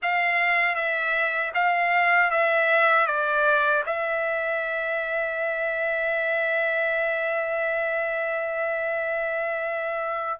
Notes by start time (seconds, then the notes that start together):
0.02 F5
0.75 E5
1.54 F5
2.30 E5
3.06 D5
3.86 E5